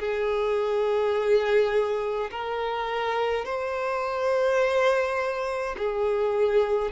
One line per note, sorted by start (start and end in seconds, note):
0.00 2.31 G#4
2.31 3.46 A#4
3.46 5.76 C5
5.78 6.92 G#4